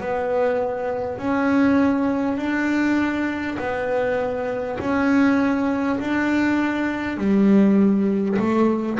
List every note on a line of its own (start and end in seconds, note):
0.00 1.18 B3
1.18 2.37 C#4
2.37 3.57 D4
3.59 4.79 B3
4.79 5.99 C#4
6.00 7.17 D4
7.17 8.37 G3
8.39 8.99 A3